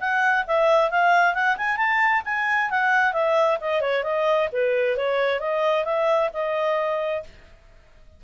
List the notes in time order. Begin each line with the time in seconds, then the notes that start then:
0.00 F#5
0.47 E5
0.90 F5
1.34 F#5
1.57 G#5
1.77 A5
2.25 G#5
2.70 F#5
3.13 E5
3.60 D#5
3.81 C#5
4.03 D#5
4.52 B4
4.97 C#5
5.40 D#5
5.84 E5
6.33 D#5